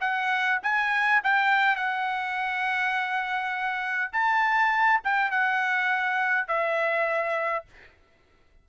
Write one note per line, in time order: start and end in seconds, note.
0.00 0.59 F#5
0.63 1.21 G#5
1.23 1.75 G5
1.75 4.11 F#5
4.12 5.00 A5
5.04 5.30 G5
5.30 6.47 F#5
6.47 7.65 E5